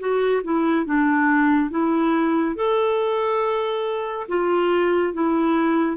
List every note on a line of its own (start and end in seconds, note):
0.00 0.43 F#4
0.44 0.86 E4
0.86 1.71 D4
1.71 2.56 E4
2.56 4.27 A4
4.29 5.14 F4
5.14 5.97 E4